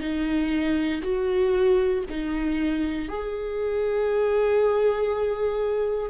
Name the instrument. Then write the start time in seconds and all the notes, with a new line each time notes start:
viola
0.00 D#4
1.02 F#4
2.09 D#4
3.09 G#4